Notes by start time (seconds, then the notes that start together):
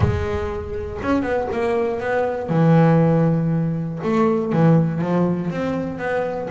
0.00 G#3
1.02 C#4
1.22 B3
1.52 A#3
2.00 B3
2.49 E3
4.03 A3
4.52 E3
5.01 F3
5.50 C4
5.98 B3